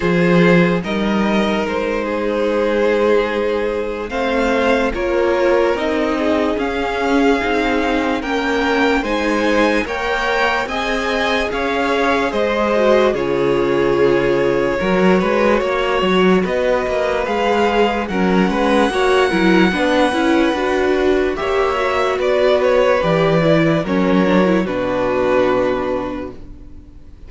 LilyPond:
<<
  \new Staff \with { instrumentName = "violin" } { \time 4/4 \tempo 4 = 73 c''4 dis''4 c''2~ | c''4 f''4 cis''4 dis''4 | f''2 g''4 gis''4 | g''4 gis''4 f''4 dis''4 |
cis''1 | dis''4 f''4 fis''2~ | fis''2 e''4 d''8 cis''8 | d''4 cis''4 b'2 | }
  \new Staff \with { instrumentName = "violin" } { \time 4/4 gis'4 ais'4. gis'4.~ | gis'4 c''4 ais'4. gis'8~ | gis'2 ais'4 c''4 | cis''4 dis''4 cis''4 c''4 |
gis'2 ais'8 b'8 cis''4 | b'2 ais'8 b'8 cis''8 ais'8 | b'2 cis''4 b'4~ | b'4 ais'4 fis'2 | }
  \new Staff \with { instrumentName = "viola" } { \time 4/4 f'4 dis'2.~ | dis'4 c'4 f'4 dis'4 | cis'4 dis'4 cis'4 dis'4 | ais'4 gis'2~ gis'8 fis'8 |
f'2 fis'2~ | fis'4 gis'4 cis'4 fis'8 e'8 | d'8 e'8 fis'4 g'8 fis'4. | g'8 e'8 cis'8 d'16 e'16 d'2 | }
  \new Staff \with { instrumentName = "cello" } { \time 4/4 f4 g4 gis2~ | gis4 a4 ais4 c'4 | cis'4 c'4 ais4 gis4 | ais4 c'4 cis'4 gis4 |
cis2 fis8 gis8 ais8 fis8 | b8 ais8 gis4 fis8 gis8 ais8 fis8 | b8 cis'8 d'4 ais4 b4 | e4 fis4 b,2 | }
>>